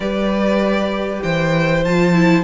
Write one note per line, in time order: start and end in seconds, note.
0.00 1.19 G3
0.00 1.84 G4
0.00 1.22 B4
0.00 1.22 D5
1.22 1.84 E3
1.22 2.43 C5
1.22 1.83 G5
1.84 2.43 F3
1.84 2.14 F4
1.84 2.43 A5
2.14 2.43 E4